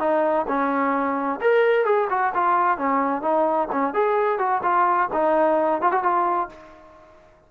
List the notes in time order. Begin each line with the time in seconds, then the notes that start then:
0.00 D#4
0.48 C#4
1.41 A#4
1.85 G#4
2.10 F#4
2.35 F4
2.78 C#4
3.22 D#4
3.72 C#4
3.94 G#4
4.39 F#4
4.63 F4
5.13 D#4
5.82 F4
5.92 F#4
6.03 F4